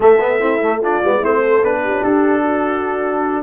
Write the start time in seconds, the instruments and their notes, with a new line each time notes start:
0.00 trombone A3, tuba A3, horn A4, trumpet E5
0.20 trombone B3
0.39 trombone C4, horn E4
0.62 trombone A3
0.81 trombone D4, horn F4, trumpet D5
1.03 tuba G#3, trombone B3
1.19 tuba A3, trombone C4, horn E4, trumpet C5
1.40 horn A4
1.63 tuba B3, trombone D4, trumpet B4
1.83 horn G4
1.90 tuba C#4
2.03 tuba D4, trumpet A4
2.41 horn F#4